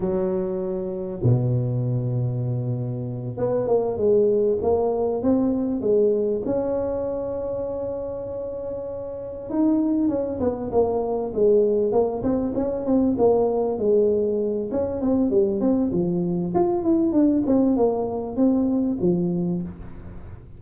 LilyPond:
\new Staff \with { instrumentName = "tuba" } { \time 4/4 \tempo 4 = 98 fis2 b,2~ | b,4. b8 ais8 gis4 ais8~ | ais8 c'4 gis4 cis'4.~ | cis'2.~ cis'8 dis'8~ |
dis'8 cis'8 b8 ais4 gis4 ais8 | c'8 cis'8 c'8 ais4 gis4. | cis'8 c'8 g8 c'8 f4 f'8 e'8 | d'8 c'8 ais4 c'4 f4 | }